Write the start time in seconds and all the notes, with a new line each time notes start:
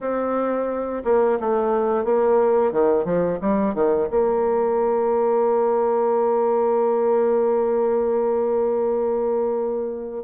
0.00 C4
1.04 A#3
1.39 A3
2.04 A#3
2.72 D#3
3.04 F3
3.41 G3
3.74 D#3
4.10 A#3